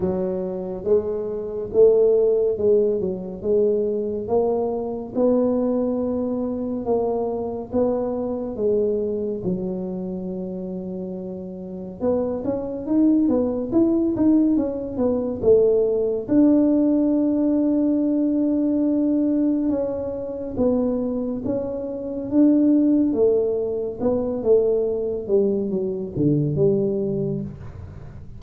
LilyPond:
\new Staff \with { instrumentName = "tuba" } { \time 4/4 \tempo 4 = 70 fis4 gis4 a4 gis8 fis8 | gis4 ais4 b2 | ais4 b4 gis4 fis4~ | fis2 b8 cis'8 dis'8 b8 |
e'8 dis'8 cis'8 b8 a4 d'4~ | d'2. cis'4 | b4 cis'4 d'4 a4 | b8 a4 g8 fis8 d8 g4 | }